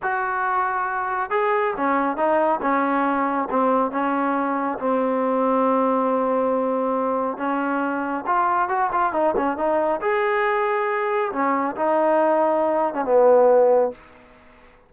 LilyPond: \new Staff \with { instrumentName = "trombone" } { \time 4/4 \tempo 4 = 138 fis'2. gis'4 | cis'4 dis'4 cis'2 | c'4 cis'2 c'4~ | c'1~ |
c'4 cis'2 f'4 | fis'8 f'8 dis'8 cis'8 dis'4 gis'4~ | gis'2 cis'4 dis'4~ | dis'4.~ dis'16 cis'16 b2 | }